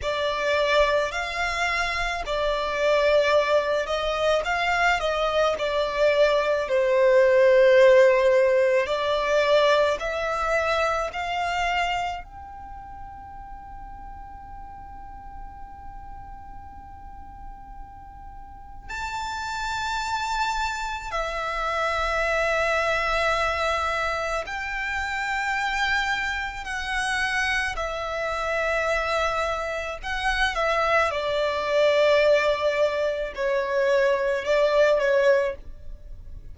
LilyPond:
\new Staff \with { instrumentName = "violin" } { \time 4/4 \tempo 4 = 54 d''4 f''4 d''4. dis''8 | f''8 dis''8 d''4 c''2 | d''4 e''4 f''4 g''4~ | g''1~ |
g''4 a''2 e''4~ | e''2 g''2 | fis''4 e''2 fis''8 e''8 | d''2 cis''4 d''8 cis''8 | }